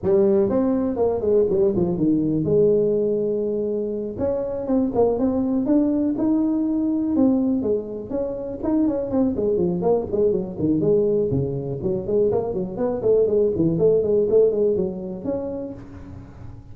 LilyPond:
\new Staff \with { instrumentName = "tuba" } { \time 4/4 \tempo 4 = 122 g4 c'4 ais8 gis8 g8 f8 | dis4 gis2.~ | gis8 cis'4 c'8 ais8 c'4 d'8~ | d'8 dis'2 c'4 gis8~ |
gis8 cis'4 dis'8 cis'8 c'8 gis8 f8 | ais8 gis8 fis8 dis8 gis4 cis4 | fis8 gis8 ais8 fis8 b8 a8 gis8 e8 | a8 gis8 a8 gis8 fis4 cis'4 | }